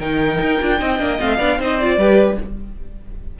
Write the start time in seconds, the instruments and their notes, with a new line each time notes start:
0.00 cello D#3, viola D#4, violin A#4 G5
0.41 cello D#4
0.62 cello D4, viola F4
0.79 cello C4, viola D#4, violin D#5
0.99 cello A#3, viola D4
1.20 cello A3, viola C4, violin F5
1.39 cello B3, viola D4, violin D5
1.59 cello C4, viola D#4, violin C5 D#5
1.80 viola F4, violin D5
1.98 cello G3, viola G4, violin B4